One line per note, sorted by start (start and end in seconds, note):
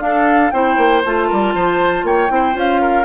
0.00 0.51 D4
0.00 0.52 D4
0.00 0.53 A4
0.00 0.51 F5
0.51 0.78 C4
0.51 1.04 E4
0.51 1.28 C5
0.51 1.02 G5
0.78 1.03 A#3
1.05 1.31 A3
1.05 2.29 F4
1.05 2.06 A5
1.28 1.55 G3
1.28 1.54 A#4
1.55 2.04 F3
1.55 2.06 C5
2.04 2.29 A#3
2.04 2.31 C#5
2.04 2.57 G5
2.29 2.56 C4
2.29 2.53 E4
2.35 2.81 C5
2.53 3.05 C#4
2.53 3.04 F4
2.53 3.05 F5
2.81 3.05 A#4